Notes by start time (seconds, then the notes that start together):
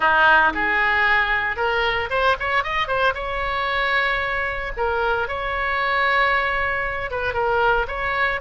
0.00 D#4
0.53 G#4
1.56 A#4
2.10 C5
2.39 C#5
2.63 D#5
2.87 C5
3.14 C#5
4.76 A#4
5.28 C#5
7.11 B4
7.33 A#4
7.87 C#5